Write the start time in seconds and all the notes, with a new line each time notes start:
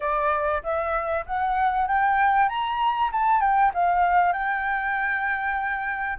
0.00 D5
0.63 E5
1.25 F#5
1.87 G5
2.48 A#5
3.12 A5
3.40 G5
3.74 F5
4.32 G5